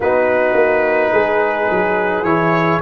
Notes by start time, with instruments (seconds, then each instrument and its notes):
0.00 tuba B3, trombone D#4, horn F#4, trumpet B4
0.54 tuba A#3
1.12 tuba G#3, horn G#4
1.71 tuba F#3
2.22 tuba E3, trombone E4, trumpet C#5